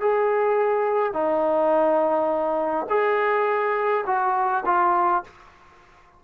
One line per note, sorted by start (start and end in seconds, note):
0.00 1.13 G#4
1.13 2.86 D#4
2.89 4.04 G#4
4.06 4.64 F#4
4.65 5.23 F4